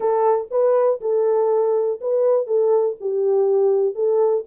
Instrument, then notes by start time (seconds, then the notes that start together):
horn
0.00 A4
0.50 B4
1.01 A4
2.00 B4
2.46 A4
3.00 G4
3.94 A4